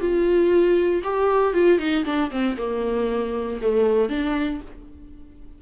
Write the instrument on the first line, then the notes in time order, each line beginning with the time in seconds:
viola
0.00 F4
1.03 G4
1.54 F4
1.79 D#4
2.05 D4
2.31 C4
2.58 A#3
3.62 A3
4.10 D4